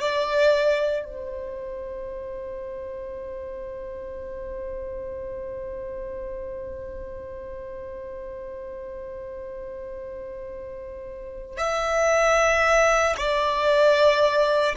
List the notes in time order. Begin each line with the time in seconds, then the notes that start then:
0.00 D5
1.05 C5
11.57 E5
13.17 D5